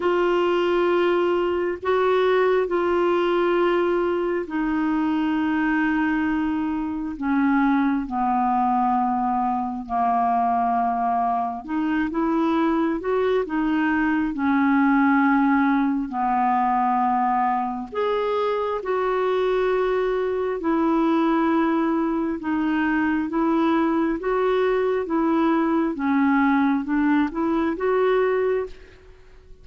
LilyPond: \new Staff \with { instrumentName = "clarinet" } { \time 4/4 \tempo 4 = 67 f'2 fis'4 f'4~ | f'4 dis'2. | cis'4 b2 ais4~ | ais4 dis'8 e'4 fis'8 dis'4 |
cis'2 b2 | gis'4 fis'2 e'4~ | e'4 dis'4 e'4 fis'4 | e'4 cis'4 d'8 e'8 fis'4 | }